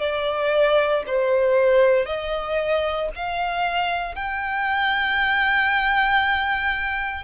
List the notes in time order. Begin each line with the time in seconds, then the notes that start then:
0.00 D5
1.07 C5
2.05 D#5
3.16 F5
4.15 G5